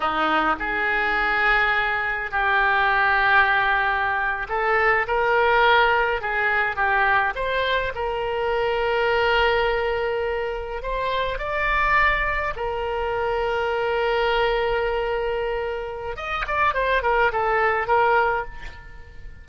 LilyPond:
\new Staff \with { instrumentName = "oboe" } { \time 4/4 \tempo 4 = 104 dis'4 gis'2. | g'2.~ g'8. a'16~ | a'8. ais'2 gis'4 g'16~ | g'8. c''4 ais'2~ ais'16~ |
ais'2~ ais'8. c''4 d''16~ | d''4.~ d''16 ais'2~ ais'16~ | ais'1 | dis''8 d''8 c''8 ais'8 a'4 ais'4 | }